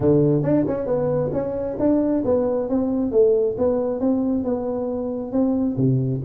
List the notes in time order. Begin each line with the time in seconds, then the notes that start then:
0.00 D3
0.42 D4
0.67 C#4
0.86 B3
1.32 C#4
1.79 D4
2.24 B3
2.69 C4
3.11 A3
3.58 B3
4.00 C4
4.44 B3
5.32 C4
5.76 C3